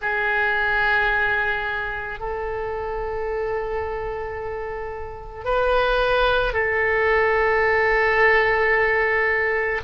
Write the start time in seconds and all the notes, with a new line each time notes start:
0.01 G#4
2.19 A4
5.44 B4
6.53 A4